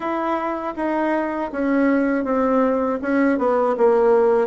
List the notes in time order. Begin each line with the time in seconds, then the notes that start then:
0.00 E4
0.75 D#4
1.51 C#4
2.24 C4
3.02 C#4
3.38 B3
3.77 A#3